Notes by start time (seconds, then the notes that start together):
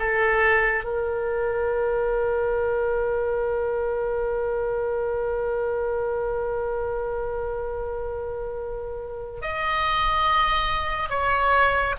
0.00 A4
0.85 A#4
9.42 D#5
11.10 C#5